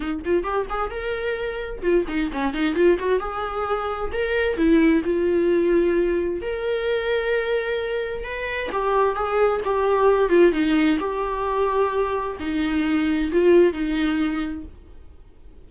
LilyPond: \new Staff \with { instrumentName = "viola" } { \time 4/4 \tempo 4 = 131 dis'8 f'8 g'8 gis'8 ais'2 | f'8 dis'8 cis'8 dis'8 f'8 fis'8 gis'4~ | gis'4 ais'4 e'4 f'4~ | f'2 ais'2~ |
ais'2 b'4 g'4 | gis'4 g'4. f'8 dis'4 | g'2. dis'4~ | dis'4 f'4 dis'2 | }